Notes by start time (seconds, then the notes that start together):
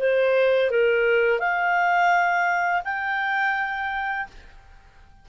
0.00 C5
0.71 A#4
1.40 F5
2.85 G5